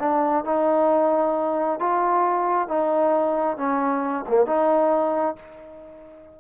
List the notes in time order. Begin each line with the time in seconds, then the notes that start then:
0.00 D4
0.45 D#4
1.80 F4
2.69 D#4
3.57 C#4
4.29 A#3
4.47 D#4